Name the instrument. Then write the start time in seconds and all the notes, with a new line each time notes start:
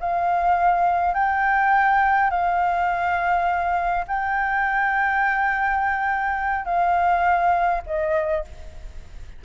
flute
0.00 F5
1.14 G5
2.31 F5
4.08 G5
6.65 F5
7.86 D#5